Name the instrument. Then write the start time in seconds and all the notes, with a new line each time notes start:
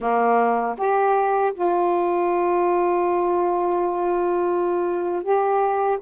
saxophone
0.00 A#3
0.77 G4
1.54 F4
5.23 G4